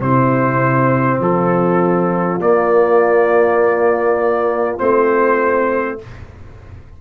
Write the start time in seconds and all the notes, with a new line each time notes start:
0.00 C3 C4 E4 C5
1.20 F3 F4 A4
2.40 A#3 D5
4.79 A3 C4 C5